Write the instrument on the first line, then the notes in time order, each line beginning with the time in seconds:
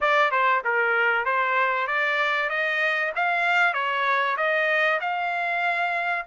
trumpet
0.00 D5
0.31 C5
0.64 A#4
1.25 C5
1.87 D5
2.49 D#5
3.15 F5
3.73 C#5
4.37 D#5
5.00 F5